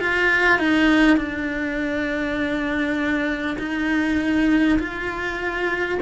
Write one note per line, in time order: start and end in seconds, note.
0.00 0.59 F4
0.59 1.17 D#4
1.17 3.57 D4
3.59 4.79 D#4
4.79 5.99 F4